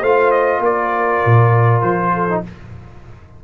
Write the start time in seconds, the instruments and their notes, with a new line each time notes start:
0.00 tuba A3, trombone F4, horn C5, trumpet F5
0.31 trumpet D#5
0.60 tuba A#3, horn A#4, trumpet D5
1.26 tuba A#2
1.81 tuba F3, trumpet C5
2.14 horn A4
2.29 trombone D#4